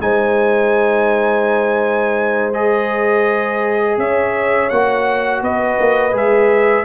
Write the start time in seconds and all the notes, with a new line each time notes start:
0.00 G#3 D#4 C5 G#5
2.53 G#4 D#5
3.98 C#4 C#5 E5
4.70 A#3 F#4 F#5
5.42 B3 B4 D#5
5.80 A#3
6.12 G#3 G#4 E5